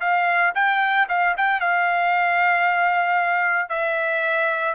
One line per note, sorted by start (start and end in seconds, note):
0.00 0.53 F5
0.55 1.07 G5
1.09 1.35 F5
1.37 1.60 G5
1.60 3.69 F5
3.69 4.74 E5